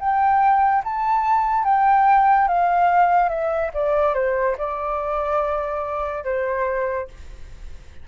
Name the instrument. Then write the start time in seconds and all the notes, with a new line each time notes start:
flute
0.00 G5
0.84 A5
1.65 G5
2.48 F5
3.29 E5
3.74 D5
4.15 C5
4.58 D5
6.25 C5